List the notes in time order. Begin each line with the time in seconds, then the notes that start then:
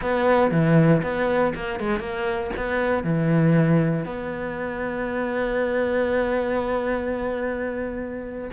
0.01 B3
0.51 E3
1.02 B3
1.54 A#3
1.79 G#3
1.99 A#3
2.56 B3
3.03 E3
4.05 B3